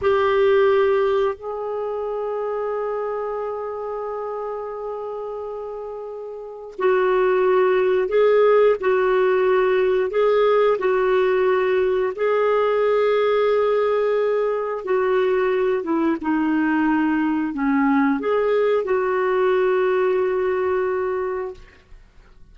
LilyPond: \new Staff \with { instrumentName = "clarinet" } { \time 4/4 \tempo 4 = 89 g'2 gis'2~ | gis'1~ | gis'2 fis'2 | gis'4 fis'2 gis'4 |
fis'2 gis'2~ | gis'2 fis'4. e'8 | dis'2 cis'4 gis'4 | fis'1 | }